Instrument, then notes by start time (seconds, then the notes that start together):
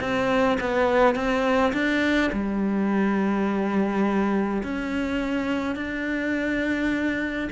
cello
0.00 C4
0.60 B3
1.15 C4
1.73 D4
2.32 G3
4.63 C#4
5.75 D4